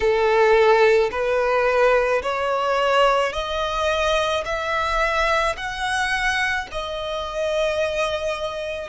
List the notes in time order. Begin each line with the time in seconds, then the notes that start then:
0.00 A4
1.11 B4
2.22 C#5
3.32 D#5
4.44 E5
5.56 F#5
6.71 D#5